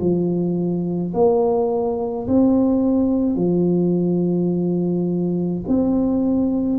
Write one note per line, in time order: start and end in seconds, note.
0.00 1.13 F3
1.14 2.27 A#3
2.27 3.36 C4
3.36 5.62 F3
5.68 6.79 C4